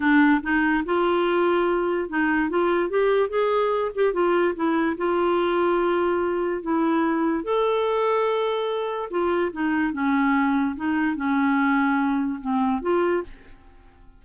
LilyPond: \new Staff \with { instrumentName = "clarinet" } { \time 4/4 \tempo 4 = 145 d'4 dis'4 f'2~ | f'4 dis'4 f'4 g'4 | gis'4. g'8 f'4 e'4 | f'1 |
e'2 a'2~ | a'2 f'4 dis'4 | cis'2 dis'4 cis'4~ | cis'2 c'4 f'4 | }